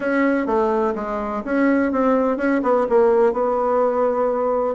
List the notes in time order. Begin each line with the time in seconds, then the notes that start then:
0.00 C#4
0.46 A3
0.95 G#3
1.44 C#4
1.92 C4
2.37 C#4
2.63 B3
2.89 A#3
3.32 B3